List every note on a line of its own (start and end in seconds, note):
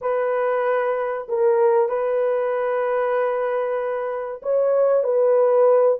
0.01 1.27 B4
1.28 1.88 A#4
1.88 4.41 B4
4.42 5.03 C#5
5.03 5.98 B4